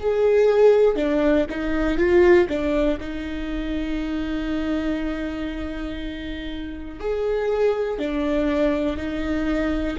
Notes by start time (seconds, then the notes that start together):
0.00 G#4
0.96 D4
1.50 D#4
1.98 F4
2.49 D4
3.00 D#4
7.00 G#4
7.99 D4
8.97 D#4